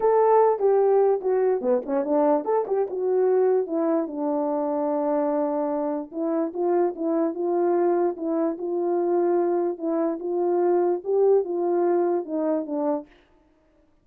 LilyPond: \new Staff \with { instrumentName = "horn" } { \time 4/4 \tempo 4 = 147 a'4. g'4. fis'4 | b8 cis'8 d'4 a'8 g'8 fis'4~ | fis'4 e'4 d'2~ | d'2. e'4 |
f'4 e'4 f'2 | e'4 f'2. | e'4 f'2 g'4 | f'2 dis'4 d'4 | }